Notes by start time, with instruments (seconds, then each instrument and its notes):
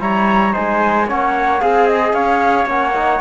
0.00 cello G3, trombone E4, trumpet C#5, flute A#5
0.53 cello G#3, trombone D#4, trumpet C5, flute G#5
1.07 cello A#3, trombone C#4, trumpet C#5, flute F#5
1.60 cello C4, trombone G#4, trumpet G#4, flute F5
1.87 flute D#5
2.13 cello C#4, trumpet C#5, flute F5
2.66 cello A#3, trombone C#4, flute F#5
2.95 trombone D#4